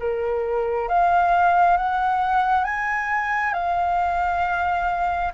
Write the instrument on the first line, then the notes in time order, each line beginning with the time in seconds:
flute
0.00 A#4
0.89 F5
1.77 F#5
2.65 G#5
3.53 F5